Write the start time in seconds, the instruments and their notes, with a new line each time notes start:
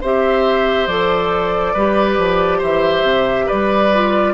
0.00 bassoon C4, clarinet G4, oboe C5, flute E5
0.87 bassoon F3, clarinet A4, flute D5
1.73 bassoon G3, clarinet G4, oboe B4
2.17 bassoon F3
2.58 bassoon E3, oboe C5, flute E5
3.02 bassoon C3
3.46 bassoon G3, oboe B4, flute D5
3.93 clarinet F4